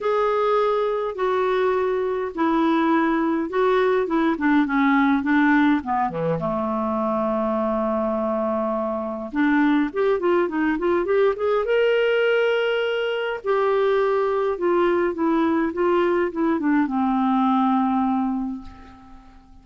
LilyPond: \new Staff \with { instrumentName = "clarinet" } { \time 4/4 \tempo 4 = 103 gis'2 fis'2 | e'2 fis'4 e'8 d'8 | cis'4 d'4 b8 e8 a4~ | a1 |
d'4 g'8 f'8 dis'8 f'8 g'8 gis'8 | ais'2. g'4~ | g'4 f'4 e'4 f'4 | e'8 d'8 c'2. | }